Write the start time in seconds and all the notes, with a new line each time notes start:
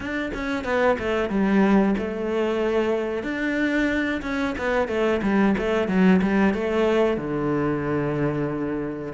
0.00 D4
0.33 C#4
0.64 B3
0.98 A3
1.29 G3
1.98 A3
3.23 D4
4.22 C#4
4.58 B3
4.88 A3
5.22 G3
5.58 A3
5.88 F#3
6.21 G3
6.54 A3
7.17 D3